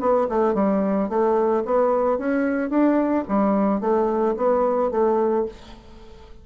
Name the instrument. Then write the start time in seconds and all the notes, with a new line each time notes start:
bassoon
0.00 B3
0.29 A3
0.54 G3
1.09 A3
1.65 B3
2.18 C#4
2.70 D4
3.28 G3
3.81 A3
4.37 B3
4.91 A3